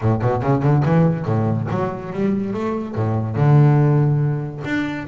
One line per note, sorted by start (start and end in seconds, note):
0.01 0.22 A2
0.22 0.42 B2
0.42 0.62 C#3
0.62 0.83 D3
0.85 1.25 E3
1.25 1.67 A2
1.70 2.12 F#3
2.13 2.53 G3
2.53 2.95 A3
2.95 3.36 A2
3.36 4.62 D3
4.64 5.07 D4